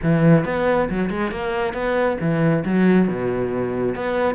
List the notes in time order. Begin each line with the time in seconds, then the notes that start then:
0.02 E3
0.45 B3
0.89 F#3
1.10 G#3
1.31 A#3
1.73 B3
2.20 E3
2.65 F#3
3.08 B2
3.95 B3